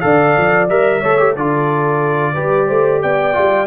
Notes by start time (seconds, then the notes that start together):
0.00 D3 A4 D5 F5
0.37 F3
0.69 G3 A#4 E5
1.00 A3 A4 C#5
1.18 G4
1.32 D3 F4 A4 D5
2.33 G3 G4 B4
2.67 A3 C5
3.02 B3 D5 G5
3.32 G3 F4